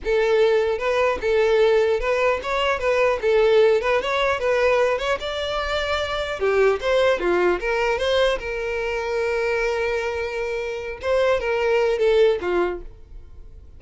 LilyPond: \new Staff \with { instrumentName = "violin" } { \time 4/4 \tempo 4 = 150 a'2 b'4 a'4~ | a'4 b'4 cis''4 b'4 | a'4. b'8 cis''4 b'4~ | b'8 cis''8 d''2. |
g'4 c''4 f'4 ais'4 | c''4 ais'2.~ | ais'2.~ ais'8 c''8~ | c''8 ais'4. a'4 f'4 | }